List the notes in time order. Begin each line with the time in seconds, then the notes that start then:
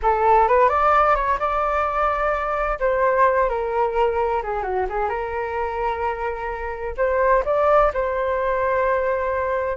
0.02 A4
0.48 B4
0.68 D5
1.15 C#5
1.39 D5
2.79 C5
3.49 A#4
4.42 G#4
4.62 F#4
4.89 G#4
5.09 A#4
6.97 C5
7.45 D5
7.93 C5